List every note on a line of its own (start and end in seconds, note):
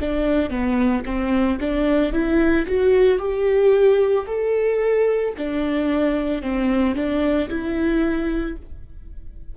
0.00 0.50 D4
0.50 1.03 B3
1.05 1.59 C4
1.60 2.12 D4
2.12 2.66 E4
2.66 3.19 F#4
3.19 4.26 G4
4.27 5.34 A4
5.37 6.42 D4
6.42 6.95 C4
6.95 7.49 D4
7.49 8.56 E4